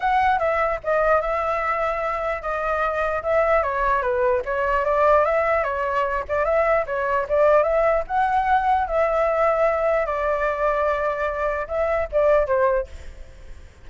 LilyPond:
\new Staff \with { instrumentName = "flute" } { \time 4/4 \tempo 4 = 149 fis''4 e''4 dis''4 e''4~ | e''2 dis''2 | e''4 cis''4 b'4 cis''4 | d''4 e''4 cis''4. d''8 |
e''4 cis''4 d''4 e''4 | fis''2 e''2~ | e''4 d''2.~ | d''4 e''4 d''4 c''4 | }